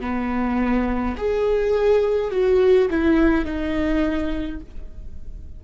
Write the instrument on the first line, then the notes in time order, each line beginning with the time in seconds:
viola
0.00 B3
1.17 G#4
2.31 F#4
2.90 E4
3.45 D#4